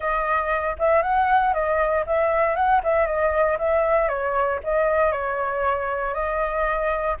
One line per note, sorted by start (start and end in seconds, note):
0.00 0.76 D#5
0.78 1.02 E5
1.02 1.53 F#5
1.53 2.04 D#5
2.06 2.55 E5
2.55 2.81 F#5
2.83 3.06 E5
3.06 3.57 D#5
3.58 4.08 E5
4.08 4.59 C#5
4.63 5.12 D#5
5.12 6.14 C#5
6.14 7.16 D#5